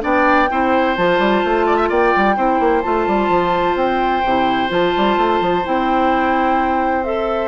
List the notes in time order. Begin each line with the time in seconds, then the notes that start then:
0.00 B3 D4 D5 G5
0.50 C4 E4 C5
0.96 F3 F4 A5
1.19 G3
1.44 A3
1.66 D5
1.76 E5
1.89 A#3 D5 G5
2.16 G3
2.36 C4 E4 C5
2.59 A#3
2.81 A3 F4 A5
3.07 G3
3.29 F3
3.75 C4 G5
4.24 C3 E4
4.68 F3 F4 A5
4.97 G3
5.17 A3
5.40 F3
5.64 C4 E4 G5
7.03 A4 E5